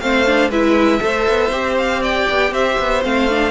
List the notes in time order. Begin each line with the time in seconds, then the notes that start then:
0.00 A3 C4 C5 F5
0.26 D4
0.49 G#3 E4 B4 E5
1.00 A3 A4 C5
1.28 B3
1.51 C4 G4
1.77 F5
2.02 D5 G5
2.30 B3
2.51 C4 C5 E5
2.79 B3
3.03 A3 C4 F5
3.29 D4